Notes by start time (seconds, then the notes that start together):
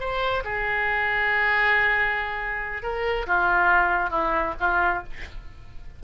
0.00 C5
0.45 G#4
2.83 A#4
3.27 F4
4.11 E4
4.60 F4